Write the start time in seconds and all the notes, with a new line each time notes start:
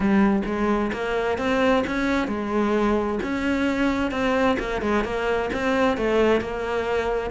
0.00 G3
0.45 G#3
0.92 A#3
1.38 C4
1.87 C#4
2.27 G#3
3.22 C#4
4.11 C4
4.59 A#3
4.81 G#3
5.04 A#3
5.53 C4
5.97 A3
6.40 A#3